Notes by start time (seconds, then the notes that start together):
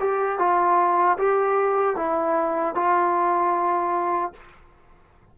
0.00 G4
0.39 F4
1.18 G4
1.96 E4
2.75 F4